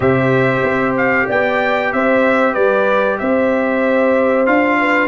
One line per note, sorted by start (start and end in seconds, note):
0.00 0.61 C3
0.00 4.46 G4
0.00 1.26 C5
0.00 0.95 E5
0.63 1.26 C4
0.97 1.28 F5
1.26 1.92 B3
1.26 1.90 D5
1.26 1.93 G5
1.92 2.56 C4
1.92 2.53 C5
1.92 2.54 E5
2.53 3.20 G3
2.53 3.16 B4
2.53 3.17 D5
3.18 4.47 C4
3.18 4.79 C5
3.18 4.46 E5
4.46 5.08 D4
4.46 5.08 F4
4.46 5.08 F5
4.79 5.08 B4